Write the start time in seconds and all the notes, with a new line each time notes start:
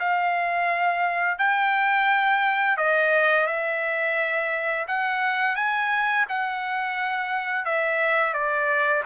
0.00 F5
1.39 G5
2.77 D#5
3.47 E5
4.88 F#5
5.56 G#5
6.29 F#5
7.65 E5
8.34 D5